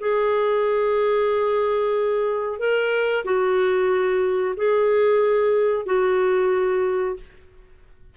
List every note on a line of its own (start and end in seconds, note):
0.00 2.59 G#4
2.59 3.24 A#4
3.25 4.55 F#4
4.57 5.85 G#4
5.85 7.16 F#4